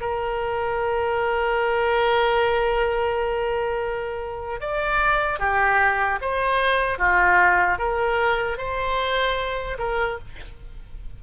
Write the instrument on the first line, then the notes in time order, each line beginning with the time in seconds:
oboe
0.00 A#4
4.60 D5
5.39 G4
6.21 C5
6.98 F4
7.78 A#4
8.57 C5
9.78 A#4